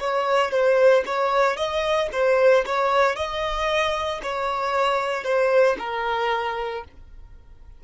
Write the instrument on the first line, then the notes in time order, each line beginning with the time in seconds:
violin
0.00 C#5
0.52 C5
1.06 C#5
1.57 D#5
2.12 C5
2.66 C#5
3.16 D#5
4.23 C#5
5.24 C5
5.79 A#4